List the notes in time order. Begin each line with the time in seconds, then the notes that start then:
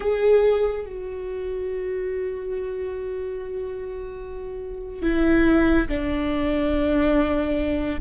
0.00 G#4
0.85 F#4
5.02 E4
5.88 D4